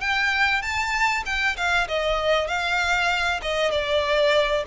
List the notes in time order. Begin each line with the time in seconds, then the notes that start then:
0.00 G5
0.62 A5
1.25 G5
1.57 F5
1.88 D#5
2.47 F5
3.42 D#5
3.71 D5